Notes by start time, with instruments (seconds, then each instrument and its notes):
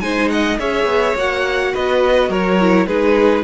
0.00 cello G#3, viola D#4, violin C5 G#5
0.30 violin D#5 F#5
0.59 cello C#4, viola G#4, violin C#5 E5
0.85 cello B3
1.15 cello A#3, viola F#4, violin F#5
1.74 cello B3, violin B4 D#5
2.29 cello F#3, violin A#4 C#5
2.61 viola E4
2.87 cello G#3, viola D#4, violin G#4 B4